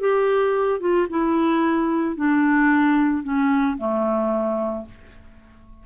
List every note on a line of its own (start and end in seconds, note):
0.00 0.80 G4
0.80 1.07 F4
1.10 2.16 E4
2.16 3.23 D4
3.23 3.77 C#4
3.78 4.86 A3